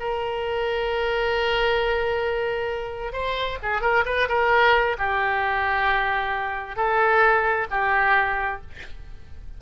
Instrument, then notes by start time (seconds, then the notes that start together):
oboe
0.00 A#4
3.13 C5
3.63 G#4
3.82 A#4
4.06 B4
4.29 A#4
4.99 G4
6.76 A4
7.71 G4